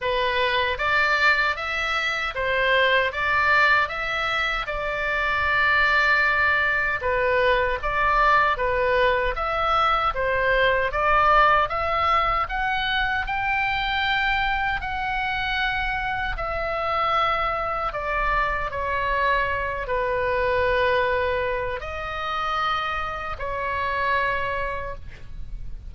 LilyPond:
\new Staff \with { instrumentName = "oboe" } { \time 4/4 \tempo 4 = 77 b'4 d''4 e''4 c''4 | d''4 e''4 d''2~ | d''4 b'4 d''4 b'4 | e''4 c''4 d''4 e''4 |
fis''4 g''2 fis''4~ | fis''4 e''2 d''4 | cis''4. b'2~ b'8 | dis''2 cis''2 | }